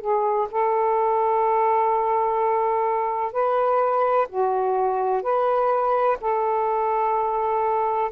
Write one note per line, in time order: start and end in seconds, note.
0.00 0.48 G#4
0.50 3.32 A4
3.32 4.27 B4
4.29 5.22 F#4
5.22 6.17 B4
6.20 8.11 A4